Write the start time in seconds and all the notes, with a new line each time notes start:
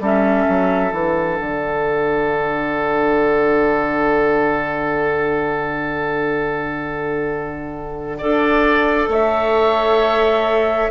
0.00 G3 C#4 A4 E5
0.48 F#3
0.91 E3 D4 F#5
1.40 D3
8.18 D4 A4 D5
9.08 A3 C#5 E5